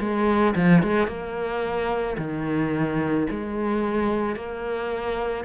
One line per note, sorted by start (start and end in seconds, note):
0.00 0.55 G#3
0.56 0.83 F3
0.83 1.08 G#3
1.08 2.17 A#3
2.18 3.27 D#3
3.30 4.36 G#3
4.36 5.45 A#3